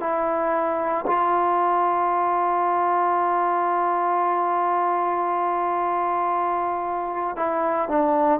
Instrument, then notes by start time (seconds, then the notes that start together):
trombone
0.00 E4
1.07 F4
7.36 E4
7.89 D4